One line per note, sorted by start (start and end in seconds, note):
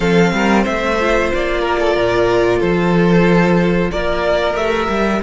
0.00 0.32 F3
0.00 0.98 C4
0.00 0.32 A4
0.00 0.64 F5
0.32 0.65 G3
0.32 0.63 A#4
0.63 1.32 A3
0.63 1.60 C5
0.63 1.30 E5
1.00 4.57 F4
1.33 1.96 A#3
1.33 2.60 D5
1.60 1.76 A#4
1.79 1.93 A4
1.93 2.61 A#2
1.93 2.59 A#4
2.59 3.91 F3
2.59 3.89 A4
2.59 3.90 C5
3.91 4.54 A#3
3.91 5.22 A#4
3.91 4.56 D5
4.54 4.87 A3
4.54 5.22 G4
4.54 5.21 E5
4.88 5.21 G3